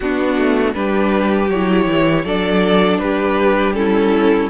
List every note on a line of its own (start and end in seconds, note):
0.00 0.37 B3
0.00 0.74 B3
0.00 0.75 D4
0.00 0.74 F#4
0.37 0.74 A3
0.74 1.49 G3
0.74 1.49 D4
0.74 2.25 G4
0.74 1.49 B4
1.49 1.86 F#3
1.49 2.26 E4
1.49 2.24 C#5
1.87 2.24 E3
2.24 2.99 F#3
2.24 3.74 D4
2.24 3.00 A4
2.24 2.98 D5
2.98 4.49 G3
2.98 3.77 G4
2.98 3.73 B4
3.74 4.49 C#4
3.74 4.50 E4
3.74 4.49 A4